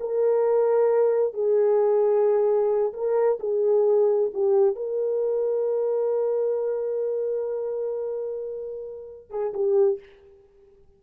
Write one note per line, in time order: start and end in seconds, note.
0.00 1.33 A#4
1.33 2.92 G#4
2.93 3.39 A#4
3.40 4.31 G#4
4.33 4.76 G4
4.76 9.30 A#4
9.30 9.52 G#4
9.54 9.99 G4